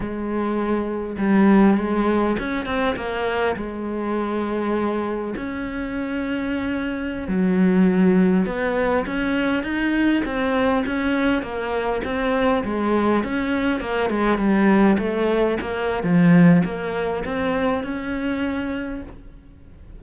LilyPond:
\new Staff \with { instrumentName = "cello" } { \time 4/4 \tempo 4 = 101 gis2 g4 gis4 | cis'8 c'8 ais4 gis2~ | gis4 cis'2.~ | cis'16 fis2 b4 cis'8.~ |
cis'16 dis'4 c'4 cis'4 ais8.~ | ais16 c'4 gis4 cis'4 ais8 gis16~ | gis16 g4 a4 ais8. f4 | ais4 c'4 cis'2 | }